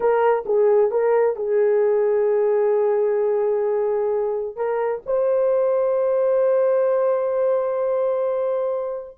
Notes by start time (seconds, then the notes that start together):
0.00 A#4
0.45 G#4
0.90 A#4
1.36 G#4
4.56 A#4
5.05 C5